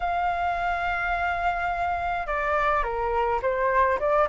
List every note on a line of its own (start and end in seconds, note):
0.00 2.26 F5
2.26 2.83 D5
2.83 3.40 A#4
3.41 3.98 C5
3.99 4.28 D5